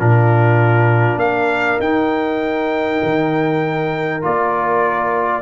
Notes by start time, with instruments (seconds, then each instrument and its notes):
0.00 tuba A#2, trombone D4, horn F4, trumpet A#4
1.17 tuba A#3, horn A#4, trumpet F5
1.80 tuba D#4, trombone D#4, trumpet G5
3.04 tuba D#3
4.22 tuba A#3, trombone F4, trumpet D5